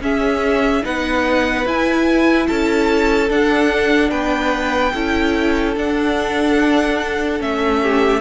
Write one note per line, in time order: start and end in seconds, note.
0.00 0.82 C#4
0.00 0.83 C#4
0.00 0.84 G#4
0.00 0.85 E5
0.83 1.66 B3
0.83 1.65 D#4
0.83 2.47 B4
0.83 1.67 F#5
1.66 3.28 E4
1.66 2.48 E4
1.66 2.47 G#5
2.47 3.30 C#4
2.47 4.10 A4
2.47 3.30 A5
3.28 4.93 D4
3.28 4.11 D4
3.28 4.11 F#5
4.10 4.93 B3
4.10 4.93 B4
4.10 5.75 G5
4.94 5.76 C#4
4.94 5.76 E4
4.94 7.82 A4
5.76 7.40 D4
5.76 7.42 F#5
7.40 8.21 A3
7.40 8.21 C#4
7.40 8.21 E5
7.82 8.21 G4